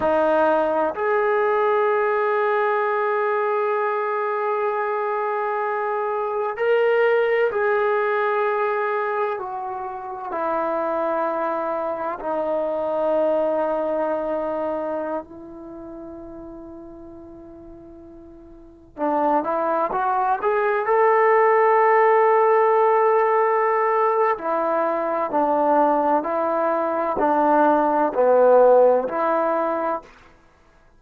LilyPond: \new Staff \with { instrumentName = "trombone" } { \time 4/4 \tempo 4 = 64 dis'4 gis'2.~ | gis'2. ais'4 | gis'2 fis'4 e'4~ | e'4 dis'2.~ |
dis'16 e'2.~ e'8.~ | e'16 d'8 e'8 fis'8 gis'8 a'4.~ a'16~ | a'2 e'4 d'4 | e'4 d'4 b4 e'4 | }